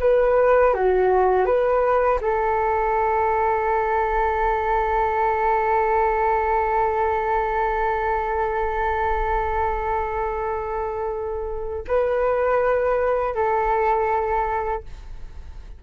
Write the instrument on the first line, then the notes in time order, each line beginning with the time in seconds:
flute
0.00 B4
0.74 F#4
1.45 B4
2.22 A4
11.88 B4
13.35 A4